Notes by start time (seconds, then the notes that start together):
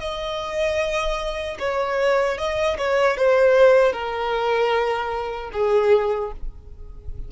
0.00 D#5
1.59 C#5
2.38 D#5
2.77 C#5
3.17 C5
3.93 A#4
5.53 G#4